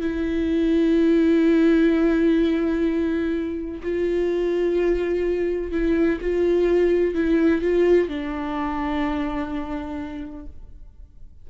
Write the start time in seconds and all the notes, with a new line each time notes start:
0.00 E4
3.82 F4
5.71 E4
6.20 F4
7.14 E4
7.61 F4
8.08 D4